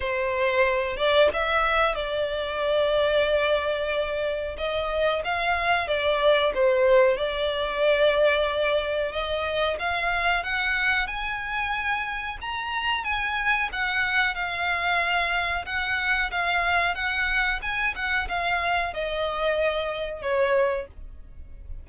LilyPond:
\new Staff \with { instrumentName = "violin" } { \time 4/4 \tempo 4 = 92 c''4. d''8 e''4 d''4~ | d''2. dis''4 | f''4 d''4 c''4 d''4~ | d''2 dis''4 f''4 |
fis''4 gis''2 ais''4 | gis''4 fis''4 f''2 | fis''4 f''4 fis''4 gis''8 fis''8 | f''4 dis''2 cis''4 | }